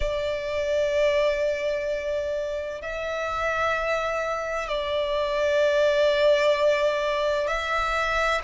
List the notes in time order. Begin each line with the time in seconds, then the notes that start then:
0.00 D5
2.81 E5
4.68 D5
7.47 E5